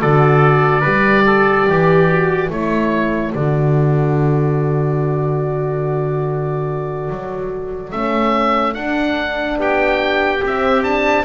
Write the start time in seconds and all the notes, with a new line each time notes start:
0.00 D3 F#4 A4 D5
0.81 G3 G4 B4
1.26 A4
1.68 E3 G4
2.09 F#4
2.50 A3 E4 A4 C#5
3.34 D3 F#4 D5
7.10 F#3
7.91 A3 C#4 E5
8.73 D4 F#5
9.57 B3 G4 G5
10.44 C4 E5
10.83 D4 A5